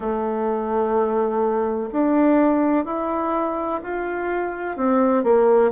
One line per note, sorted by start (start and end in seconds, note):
0.00 1.89 A3
1.92 2.85 D4
2.85 3.80 E4
3.83 4.77 F4
4.77 5.23 C4
5.23 5.71 A#3